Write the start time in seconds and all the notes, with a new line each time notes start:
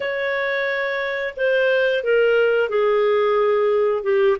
0.00 C#5
1.36 C5
2.03 A#4
2.69 G#4
4.03 G4